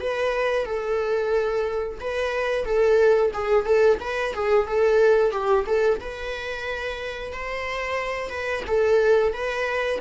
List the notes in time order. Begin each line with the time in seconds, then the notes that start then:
0.00 B4
0.65 A4
2.00 B4
2.65 A4
3.33 G#4
3.65 A4
4.00 B4
4.33 G#4
4.67 A4
5.31 G4
5.66 A4
6.00 B4
7.32 C5
8.30 B4
8.67 A4
9.32 B4